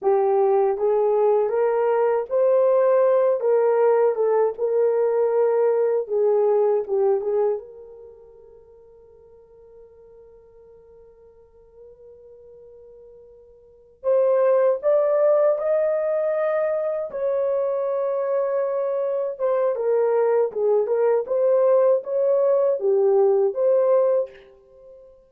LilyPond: \new Staff \with { instrumentName = "horn" } { \time 4/4 \tempo 4 = 79 g'4 gis'4 ais'4 c''4~ | c''8 ais'4 a'8 ais'2 | gis'4 g'8 gis'8 ais'2~ | ais'1~ |
ais'2~ ais'8 c''4 d''8~ | d''8 dis''2 cis''4.~ | cis''4. c''8 ais'4 gis'8 ais'8 | c''4 cis''4 g'4 c''4 | }